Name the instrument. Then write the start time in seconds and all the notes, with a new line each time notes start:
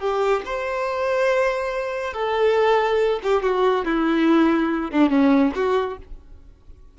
violin
0.00 G4
0.46 C5
2.14 A4
3.23 G4
3.43 F#4
3.85 E4
4.91 D4
5.10 C#4
5.55 F#4